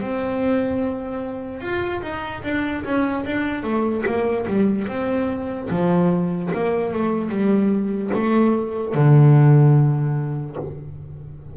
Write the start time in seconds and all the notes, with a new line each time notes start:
0.00 C4
1.61 F4
2.02 D#4
2.43 D4
2.84 C#4
3.25 D4
3.63 A3
4.06 A#3
4.47 G3
4.88 C4
5.70 F3
6.53 A#3
6.93 A3
7.29 G3
8.14 A3
8.94 D3